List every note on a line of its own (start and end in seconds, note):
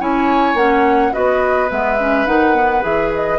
0.00 0.54 C#4
0.00 0.57 E4
0.00 1.14 C#5
0.00 0.57 G#5
0.54 1.11 A#3
0.54 1.13 C#4
0.54 1.13 F#5
1.13 1.71 B3
1.13 1.69 F#4
1.13 3.40 B4
1.13 1.70 D#5
1.70 2.27 G#3
1.70 1.98 B3
1.70 2.27 E5
1.99 2.27 C#4
2.27 2.83 D#3
2.27 2.55 D#4
2.27 2.83 F#5
2.55 2.82 B3
2.82 3.40 E3
2.82 3.39 G#4
2.82 3.13 E5
3.15 3.40 D#5